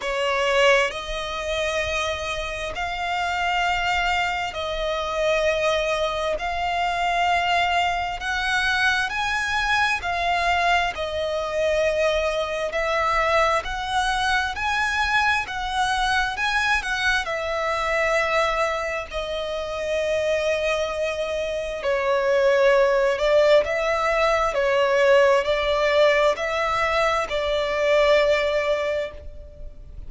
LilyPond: \new Staff \with { instrumentName = "violin" } { \time 4/4 \tempo 4 = 66 cis''4 dis''2 f''4~ | f''4 dis''2 f''4~ | f''4 fis''4 gis''4 f''4 | dis''2 e''4 fis''4 |
gis''4 fis''4 gis''8 fis''8 e''4~ | e''4 dis''2. | cis''4. d''8 e''4 cis''4 | d''4 e''4 d''2 | }